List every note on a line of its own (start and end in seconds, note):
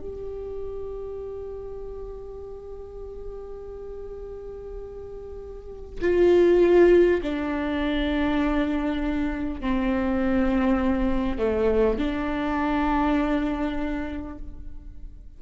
0.00 6.00 G4
6.01 7.21 F4
7.22 9.60 D4
9.60 11.38 C4
11.38 11.98 A3
11.98 14.38 D4